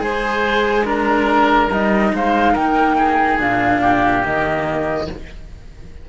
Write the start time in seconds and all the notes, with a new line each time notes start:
0.00 G#3 G#4 C5 G#5
0.85 D4 A#4 A#5
1.71 G3 D#4 D#5
2.14 G#3 C5 F5
2.53 A#3 A#4 G5
2.98 G#4
3.39 A#2 D4 F5
3.82 G4
4.23 D#3 A#3 D#5